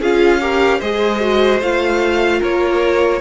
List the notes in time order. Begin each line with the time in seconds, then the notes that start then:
0.00 C#4 F4 G#4 F5
0.41 G4 A#4
0.78 G#3 G#4 C5 D#5
1.20 F#4
1.61 A3 F4 F5
2.39 A#3 A#4 C#5